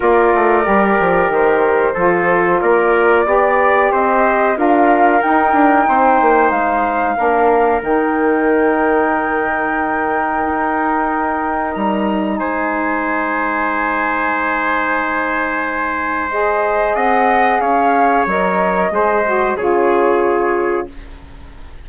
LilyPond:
<<
  \new Staff \with { instrumentName = "flute" } { \time 4/4 \tempo 4 = 92 d''2 c''2 | d''2 dis''4 f''4 | g''2 f''2 | g''1~ |
g''2 ais''4 gis''4~ | gis''1~ | gis''4 dis''4 fis''4 f''4 | dis''2 cis''2 | }
  \new Staff \with { instrumentName = "trumpet" } { \time 4/4 ais'2. a'4 | ais'4 d''4 c''4 ais'4~ | ais'4 c''2 ais'4~ | ais'1~ |
ais'2. c''4~ | c''1~ | c''2 dis''4 cis''4~ | cis''4 c''4 gis'2 | }
  \new Staff \with { instrumentName = "saxophone" } { \time 4/4 f'4 g'2 f'4~ | f'4 g'2 f'4 | dis'2. d'4 | dis'1~ |
dis'1~ | dis'1~ | dis'4 gis'2. | ais'4 gis'8 fis'8 f'2 | }
  \new Staff \with { instrumentName = "bassoon" } { \time 4/4 ais8 a8 g8 f8 dis4 f4 | ais4 b4 c'4 d'4 | dis'8 d'8 c'8 ais8 gis4 ais4 | dis1 |
dis'2 g4 gis4~ | gis1~ | gis2 c'4 cis'4 | fis4 gis4 cis2 | }
>>